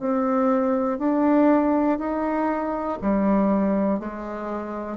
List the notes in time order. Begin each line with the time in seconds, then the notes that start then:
0.00 C4
0.99 D4
1.99 D#4
3.01 G3
4.00 G#3